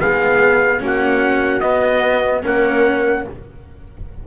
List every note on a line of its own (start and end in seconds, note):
0.00 0.82 G#3
0.00 0.79 B3
0.00 0.82 G#4
0.00 0.82 F5
0.79 1.63 A#3
0.79 1.60 C#4
0.79 2.43 F#4
0.86 1.60 F#5
1.60 2.43 B3
1.60 2.44 B3
1.60 2.41 D#5
2.43 3.27 A#3
2.43 3.24 C#4
2.43 3.24 A#4
2.43 3.27 F#5